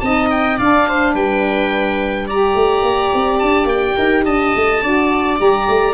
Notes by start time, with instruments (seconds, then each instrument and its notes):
0.00 tuba C4, saxophone D#4, viola D#5, oboe A5
0.31 oboe G5
0.58 tuba D4, saxophone D4, viola D5, oboe F5
0.88 viola C5
1.14 tuba G3, viola B4, oboe G5
2.27 saxophone G4, viola D5, oboe A#5
2.54 tuba A3
2.83 tuba A#3
3.14 tuba C4
3.39 tuba D4, oboe A5
3.65 tuba A#3, oboe G5
3.96 tuba D#4, viola A#4
4.25 tuba D4, viola D#5, oboe A5
4.55 tuba A3
4.82 tuba D4, saxophone F#4, viola D5
5.37 tuba G3, saxophone G4, oboe A#5
5.68 tuba A3